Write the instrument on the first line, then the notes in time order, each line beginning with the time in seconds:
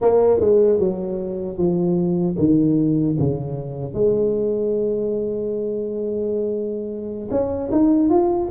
tuba
0.01 A#3
0.40 G#3
0.79 F#3
1.57 F3
2.38 D#3
3.19 C#3
3.93 G#3
7.30 C#4
7.71 D#4
8.09 F4